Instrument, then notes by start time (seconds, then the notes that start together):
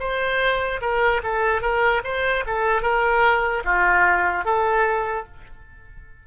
oboe
0.00 C5
0.81 A#4
1.24 A4
1.62 A#4
2.05 C5
2.47 A4
2.82 A#4
3.65 F4
4.45 A4